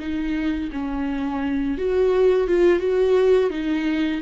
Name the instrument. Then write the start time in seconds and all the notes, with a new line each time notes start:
viola
0.00 D#4
0.73 C#4
1.78 F#4
2.48 F4
2.80 F#4
3.51 D#4